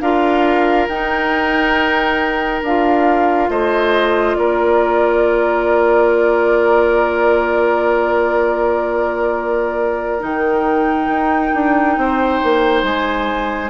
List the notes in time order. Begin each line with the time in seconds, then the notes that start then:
0.00 D4 F4 A#4 F5
0.88 D#4 G5
2.62 D4 F4 F5
3.49 A3 C5 D#5
4.35 A#3 A#4 D5
10.20 D#3 D#4 G5
11.07 D#4
11.53 D4
11.97 C4 C5
12.43 A#3
12.83 G#3 G#5